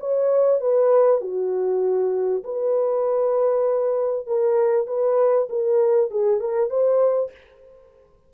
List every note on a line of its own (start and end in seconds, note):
0.00 0.61 C#5
0.61 1.21 B4
1.21 2.44 F#4
2.44 4.27 B4
4.27 4.87 A#4
4.87 5.48 B4
5.50 6.11 A#4
6.11 6.40 G#4
6.40 6.70 A#4
6.70 7.31 C5